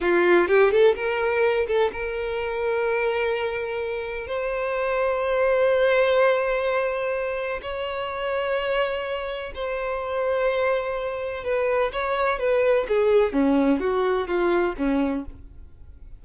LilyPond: \new Staff \with { instrumentName = "violin" } { \time 4/4 \tempo 4 = 126 f'4 g'8 a'8 ais'4. a'8 | ais'1~ | ais'4 c''2.~ | c''1 |
cis''1 | c''1 | b'4 cis''4 b'4 gis'4 | cis'4 fis'4 f'4 cis'4 | }